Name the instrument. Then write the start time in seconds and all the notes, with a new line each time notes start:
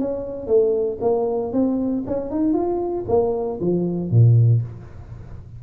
tuba
0.00 C#4
0.48 A3
1.02 A#3
1.53 C4
2.07 C#4
2.31 D#4
2.54 F4
3.09 A#3
3.61 F3
4.11 A#2